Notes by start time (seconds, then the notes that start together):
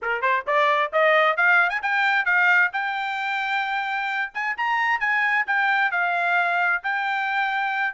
0.02 A#4
0.21 C5
0.46 D5
0.92 D#5
1.37 F5
1.69 G#5
1.82 G5
2.25 F5
2.72 G5
4.33 G#5
4.57 A#5
5.00 G#5
5.46 G5
5.91 F5
6.83 G5